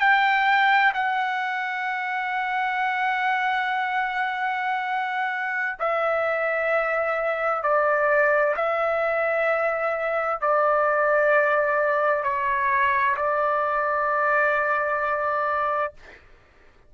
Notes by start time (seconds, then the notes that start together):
0.00 G5
0.94 F#5
5.79 E5
7.63 D5
8.56 E5
10.41 D5
12.23 C#5
13.17 D5